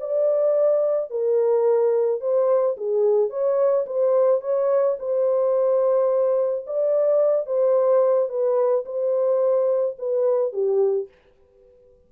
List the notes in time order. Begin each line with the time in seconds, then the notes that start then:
0.00 D5
1.10 A#4
2.20 C5
2.77 G#4
3.30 C#5
3.86 C5
4.41 C#5
4.99 C5
6.66 D5
7.46 C5
8.29 B4
8.85 C5
9.98 B4
10.53 G4